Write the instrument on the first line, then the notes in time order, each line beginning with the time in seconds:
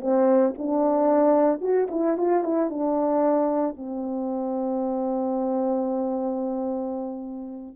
horn
0.00 C4
0.58 D4
1.61 F#4
1.90 E4
2.17 F4
2.44 E4
2.69 D4
3.76 C4